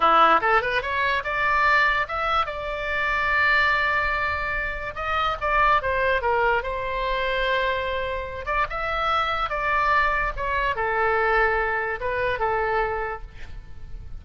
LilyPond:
\new Staff \with { instrumentName = "oboe" } { \time 4/4 \tempo 4 = 145 e'4 a'8 b'8 cis''4 d''4~ | d''4 e''4 d''2~ | d''1 | dis''4 d''4 c''4 ais'4 |
c''1~ | c''8 d''8 e''2 d''4~ | d''4 cis''4 a'2~ | a'4 b'4 a'2 | }